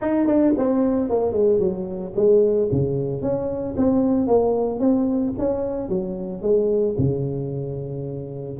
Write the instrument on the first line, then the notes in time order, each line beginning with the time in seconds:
tuba
0.01 D#4
0.27 D4
0.57 C4
1.09 A#3
1.32 G#3
1.59 F#3
2.16 G#3
2.71 C#3
3.21 C#4
3.76 C4
4.27 A#3
4.79 C4
5.38 C#4
5.89 F#3
6.42 G#3
6.98 C#3